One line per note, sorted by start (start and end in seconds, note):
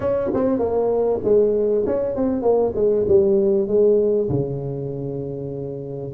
0.00 0.31 C#4
0.33 0.58 C4
0.58 1.19 A#3
1.24 1.85 G#3
1.86 2.15 C#4
2.15 2.42 C4
2.42 2.72 A#3
2.75 3.06 G#3
3.08 3.67 G3
3.67 4.28 G#3
4.29 6.13 C#3